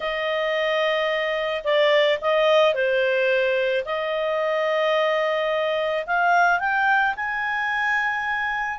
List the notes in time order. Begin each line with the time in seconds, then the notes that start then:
0.00 D#5
1.64 D5
2.21 D#5
2.74 C5
3.85 D#5
6.06 F5
6.59 G5
7.16 G#5